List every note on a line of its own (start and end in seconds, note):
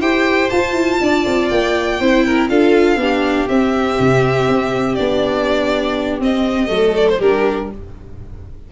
0.00 0.50 E4
0.00 0.51 G4
0.00 1.00 C5
0.00 0.49 G5
0.49 0.73 F4
0.49 2.01 F4
0.49 1.48 A5
0.73 0.98 E4
1.01 1.26 D4
1.01 2.00 D5
1.26 1.51 C4
1.49 2.00 A#3
1.49 2.48 G5
2.00 2.49 C4
2.00 2.49 E4
2.00 2.25 C5
2.25 2.50 A#4
2.49 2.96 D4
2.49 2.98 F4
2.49 3.00 A4
2.49 3.48 F5
2.96 3.46 B3
2.96 3.49 D4
2.96 6.71 G4
3.48 3.99 C4
3.48 4.98 C4
3.48 4.95 E5
3.99 4.48 C3
4.48 4.98 C4
4.95 6.20 B3
4.95 6.21 D4
4.95 6.19 D5
6.20 6.69 C4
6.20 6.67 C4
6.20 6.96 D#5
6.67 7.19 F#3
6.67 7.17 A3
6.67 7.19 A4
6.96 7.09 D5
7.09 7.21 C5
7.19 7.69 G3
7.19 7.72 D4
7.19 7.68 G4
7.19 7.71 A#4